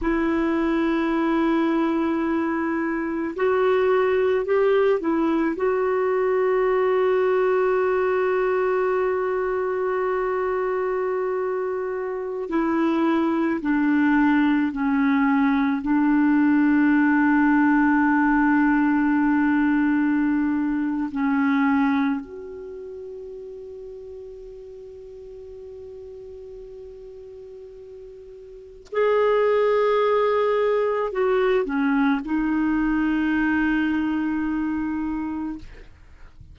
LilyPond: \new Staff \with { instrumentName = "clarinet" } { \time 4/4 \tempo 4 = 54 e'2. fis'4 | g'8 e'8 fis'2.~ | fis'2.~ fis'16 e'8.~ | e'16 d'4 cis'4 d'4.~ d'16~ |
d'2. cis'4 | fis'1~ | fis'2 gis'2 | fis'8 cis'8 dis'2. | }